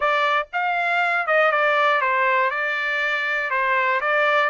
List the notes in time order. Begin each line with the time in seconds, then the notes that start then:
0.00 D5
0.53 F5
1.26 D#5
1.51 D5
2.01 C5
2.50 D5
3.50 C5
4.00 D5